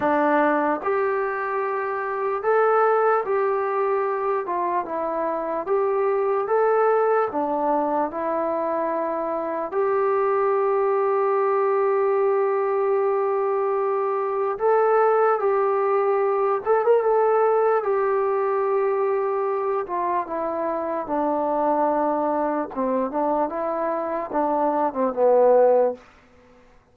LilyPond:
\new Staff \with { instrumentName = "trombone" } { \time 4/4 \tempo 4 = 74 d'4 g'2 a'4 | g'4. f'8 e'4 g'4 | a'4 d'4 e'2 | g'1~ |
g'2 a'4 g'4~ | g'8 a'16 ais'16 a'4 g'2~ | g'8 f'8 e'4 d'2 | c'8 d'8 e'4 d'8. c'16 b4 | }